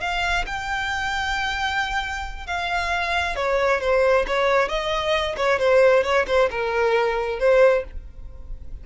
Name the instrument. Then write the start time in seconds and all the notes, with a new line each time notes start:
violin
0.00 F5
0.46 G5
2.46 F5
3.35 C#5
3.80 C5
4.27 C#5
4.68 D#5
5.36 C#5
5.59 C5
6.03 C#5
6.27 C5
6.50 A#4
7.39 C5